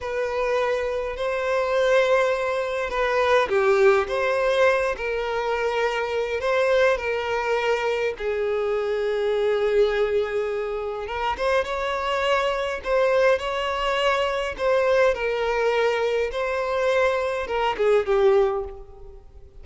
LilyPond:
\new Staff \with { instrumentName = "violin" } { \time 4/4 \tempo 4 = 103 b'2 c''2~ | c''4 b'4 g'4 c''4~ | c''8 ais'2~ ais'8 c''4 | ais'2 gis'2~ |
gis'2. ais'8 c''8 | cis''2 c''4 cis''4~ | cis''4 c''4 ais'2 | c''2 ais'8 gis'8 g'4 | }